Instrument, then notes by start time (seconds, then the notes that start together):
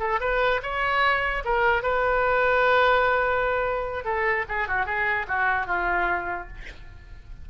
oboe
0.00 A4
0.21 B4
0.63 C#5
1.45 A#4
1.83 B4
4.05 A4
4.49 G#4
4.68 F#4
4.86 G#4
5.28 F#4
5.67 F4